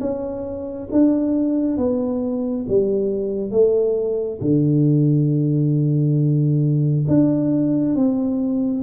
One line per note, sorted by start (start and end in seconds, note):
0.00 0.88 C#4
0.91 1.77 D4
1.77 2.66 B3
2.68 3.51 G3
3.51 4.39 A3
4.41 7.05 D3
7.07 7.95 D4
7.95 8.83 C4